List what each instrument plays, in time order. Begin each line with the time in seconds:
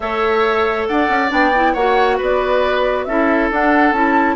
0.00 bassoon A3, clarinet A4, oboe C#5, flute E5
0.87 bassoon D4, oboe D5, flute F#5
1.08 bassoon C#4
1.29 bassoon B3, clarinet D4, flute G5
1.55 clarinet E4
1.73 bassoon A#3, clarinet F#4, oboe C#5, flute F#5
2.17 bassoon B3, oboe B4
2.23 flute D5
3.04 bassoon C#4, clarinet E4, oboe A4, flute E5
3.50 bassoon D4, clarinet D4, flute F#5
3.91 bassoon C#4, clarinet E4, flute A5